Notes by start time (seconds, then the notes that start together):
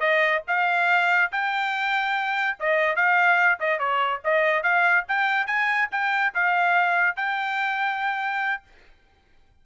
0.00 D#5
0.47 F5
1.32 G5
2.59 D#5
2.96 F5
3.60 D#5
3.79 C#5
4.25 D#5
4.63 F5
5.08 G5
5.47 G#5
5.91 G5
6.34 F5
7.16 G5